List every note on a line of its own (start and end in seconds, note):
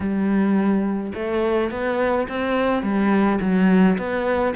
0.00 1.12 G3
1.14 1.70 A3
1.70 2.27 B3
2.28 2.82 C4
2.82 3.39 G3
3.41 3.97 F#3
3.98 4.54 B3